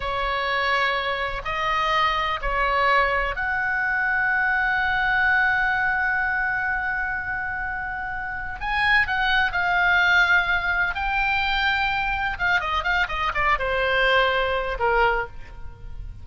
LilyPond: \new Staff \with { instrumentName = "oboe" } { \time 4/4 \tempo 4 = 126 cis''2. dis''4~ | dis''4 cis''2 fis''4~ | fis''1~ | fis''1~ |
fis''2 gis''4 fis''4 | f''2. g''4~ | g''2 f''8 dis''8 f''8 dis''8 | d''8 c''2~ c''8 ais'4 | }